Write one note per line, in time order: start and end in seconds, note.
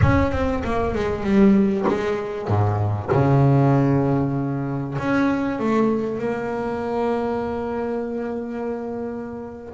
0.02 0.31 C#4
0.31 0.62 C4
0.64 0.94 A#3
0.94 1.23 G#3
1.23 1.85 G3
1.87 2.47 G#3
2.47 3.09 G#2
3.11 4.97 C#3
4.98 5.59 C#4
5.59 6.18 A3
6.18 9.74 A#3